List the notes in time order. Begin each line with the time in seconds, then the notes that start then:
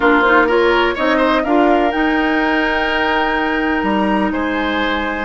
0.00 A#3 D4 F4 A#4
0.20 D#4 C5
0.47 F4 A#4 C#5
0.94 C4 D#4 C#5 D#5
1.17 C5
1.44 D4 F4 A#4 F5
1.91 D#4 G5
3.83 G3 A#5
4.31 G#3 C5 G#5